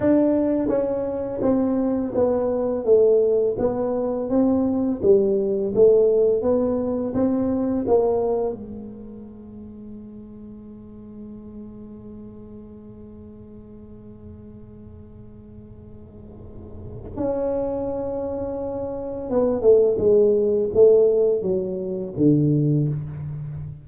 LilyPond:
\new Staff \with { instrumentName = "tuba" } { \time 4/4 \tempo 4 = 84 d'4 cis'4 c'4 b4 | a4 b4 c'4 g4 | a4 b4 c'4 ais4 | gis1~ |
gis1~ | gis1 | cis'2. b8 a8 | gis4 a4 fis4 d4 | }